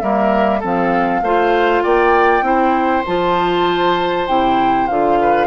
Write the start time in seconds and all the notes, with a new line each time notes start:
0.00 G3 A#3 A#4 E5
0.59 F3 C4 A4 F5
1.21 A3 F4 C5
1.82 A#3 D5 G5
2.41 C4 E4 C5
3.06 F3 F4 A5
4.27 C3 E4 G5
4.87 D3 F4 F5
5.21 B4